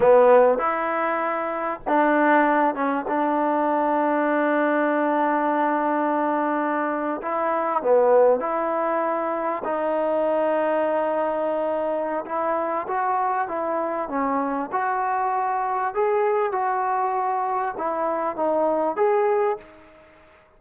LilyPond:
\new Staff \with { instrumentName = "trombone" } { \time 4/4 \tempo 4 = 98 b4 e'2 d'4~ | d'8 cis'8 d'2.~ | d'2.~ d'8. e'16~ | e'8. b4 e'2 dis'16~ |
dis'1 | e'4 fis'4 e'4 cis'4 | fis'2 gis'4 fis'4~ | fis'4 e'4 dis'4 gis'4 | }